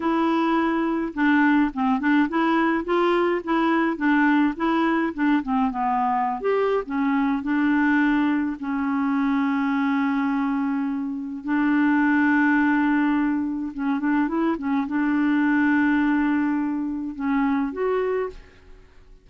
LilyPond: \new Staff \with { instrumentName = "clarinet" } { \time 4/4 \tempo 4 = 105 e'2 d'4 c'8 d'8 | e'4 f'4 e'4 d'4 | e'4 d'8 c'8 b4~ b16 g'8. | cis'4 d'2 cis'4~ |
cis'1 | d'1 | cis'8 d'8 e'8 cis'8 d'2~ | d'2 cis'4 fis'4 | }